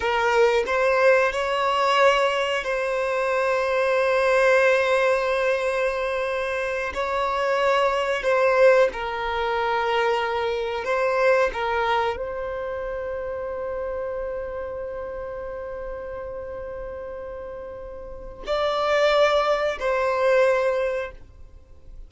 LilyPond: \new Staff \with { instrumentName = "violin" } { \time 4/4 \tempo 4 = 91 ais'4 c''4 cis''2 | c''1~ | c''2~ c''8 cis''4.~ | cis''8 c''4 ais'2~ ais'8~ |
ais'8 c''4 ais'4 c''4.~ | c''1~ | c''1 | d''2 c''2 | }